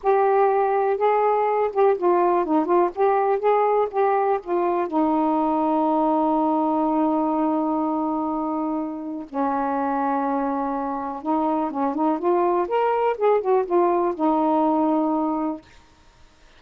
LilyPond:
\new Staff \with { instrumentName = "saxophone" } { \time 4/4 \tempo 4 = 123 g'2 gis'4. g'8 | f'4 dis'8 f'8 g'4 gis'4 | g'4 f'4 dis'2~ | dis'1~ |
dis'2. cis'4~ | cis'2. dis'4 | cis'8 dis'8 f'4 ais'4 gis'8 fis'8 | f'4 dis'2. | }